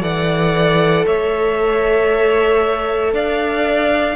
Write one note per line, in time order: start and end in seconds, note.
0.00 1.05 E3
0.00 4.14 A4
0.00 1.06 D5
0.00 1.05 F#5
1.06 3.13 A3
1.06 3.13 C#5
1.06 3.14 E5
3.13 4.16 D4
3.13 4.16 D5
3.13 4.16 F5